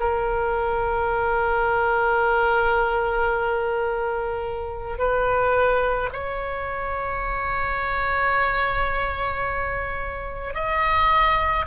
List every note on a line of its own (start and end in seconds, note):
0.00 4.99 A#4
4.99 6.10 B4
6.13 10.55 C#5
10.55 11.66 D#5